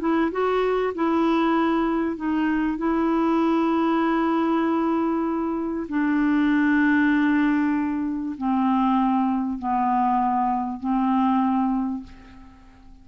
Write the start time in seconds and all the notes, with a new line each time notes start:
0.00 E4
0.31 F#4
0.95 E4
2.16 D#4
2.78 E4
5.88 D4
8.37 C4
9.59 B3
10.80 C4